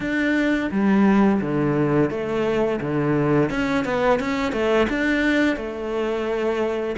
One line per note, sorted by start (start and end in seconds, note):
0.00 0.70 D4
0.71 1.40 G3
1.41 2.10 D3
2.10 2.80 A3
2.80 3.49 D3
3.49 3.84 C#4
3.84 4.19 B3
4.19 4.52 C#4
4.52 4.87 A3
4.89 5.56 D4
5.56 6.96 A3